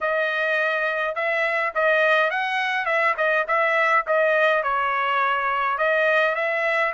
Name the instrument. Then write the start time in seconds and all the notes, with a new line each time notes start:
trumpet
0.00 D#5
1.15 E5
1.74 D#5
2.30 F#5
2.85 E5
3.17 D#5
3.47 E5
4.06 D#5
4.63 C#5
5.77 D#5
6.35 E5